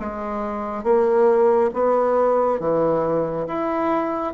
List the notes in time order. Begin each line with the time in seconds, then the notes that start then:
0.00 G#3
0.84 A#3
1.74 B3
2.60 E3
3.47 E4